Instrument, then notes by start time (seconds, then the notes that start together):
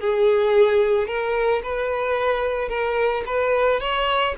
violin
0.00 G#4
1.08 A#4
1.63 B4
2.69 A#4
3.26 B4
3.80 C#5